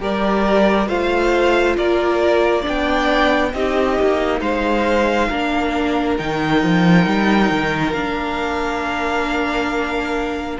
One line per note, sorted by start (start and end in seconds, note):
0.00 0.88 G3
0.00 0.88 G4
0.00 0.88 A#4
0.00 0.88 D5
0.88 1.76 A3
0.88 2.62 F4
0.88 1.76 C5
0.88 1.77 F5
1.77 2.66 A#3
1.77 2.61 A#4
1.77 2.65 D5
2.61 3.50 D4
2.61 3.49 D5
2.67 3.53 B3
2.67 3.54 G5
3.53 3.97 C4
3.53 5.31 D#4
3.53 4.40 G4
3.53 4.41 D#5
4.01 4.41 A#3
4.40 5.29 G#3
4.40 5.28 C5
4.40 6.17 F5
5.28 6.19 A#3
5.28 6.19 D4
5.28 10.58 A#4
6.17 6.63 D#3
6.17 7.95 D#4
6.17 7.92 G5
6.63 7.06 F3
7.06 7.50 G3
7.50 7.93 D#3
7.92 10.58 A#3
7.92 10.60 D4
7.92 10.57 F5